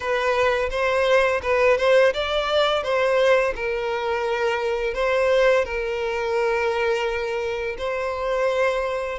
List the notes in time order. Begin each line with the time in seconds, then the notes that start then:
0.00 B4
0.70 C5
1.42 B4
1.77 C5
2.13 D5
2.83 C5
3.55 A#4
4.94 C5
5.64 A#4
7.77 C5